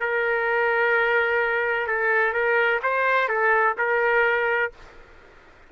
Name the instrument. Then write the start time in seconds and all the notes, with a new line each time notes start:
trumpet
0.00 A#4
1.87 A4
2.33 A#4
2.83 C5
3.28 A4
3.78 A#4